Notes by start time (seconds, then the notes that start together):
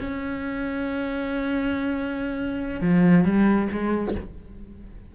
0.00 C#4
2.81 F3
3.25 G3
3.72 G#3